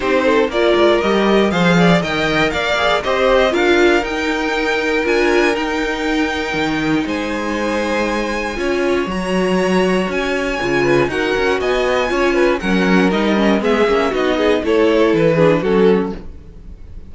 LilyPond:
<<
  \new Staff \with { instrumentName = "violin" } { \time 4/4 \tempo 4 = 119 c''4 d''4 dis''4 f''4 | g''4 f''4 dis''4 f''4 | g''2 gis''4 g''4~ | g''2 gis''2~ |
gis''2 ais''2 | gis''2 fis''4 gis''4~ | gis''4 fis''4 dis''4 e''4 | dis''4 cis''4 b'4 a'4 | }
  \new Staff \with { instrumentName = "violin" } { \time 4/4 g'8 a'8 ais'2 c''8 d''8 | dis''4 d''4 c''4 ais'4~ | ais'1~ | ais'2 c''2~ |
c''4 cis''2.~ | cis''4. b'8 ais'4 dis''4 | cis''8 b'8 ais'2 gis'4 | fis'8 gis'8 a'4. gis'8 fis'4 | }
  \new Staff \with { instrumentName = "viola" } { \time 4/4 dis'4 f'4 g'4 gis'4 | ais'4. gis'8 g'4 f'4 | dis'2 f'4 dis'4~ | dis'1~ |
dis'4 f'4 fis'2~ | fis'4 f'4 fis'2 | f'4 cis'4 dis'8 cis'8 b8 cis'8 | dis'4 e'4. d'8 cis'4 | }
  \new Staff \with { instrumentName = "cello" } { \time 4/4 c'4 ais8 gis8 g4 f4 | dis4 ais4 c'4 d'4 | dis'2 d'4 dis'4~ | dis'4 dis4 gis2~ |
gis4 cis'4 fis2 | cis'4 cis4 dis'8 cis'8 b4 | cis'4 fis4 g4 gis8 ais8 | b4 a4 e4 fis4 | }
>>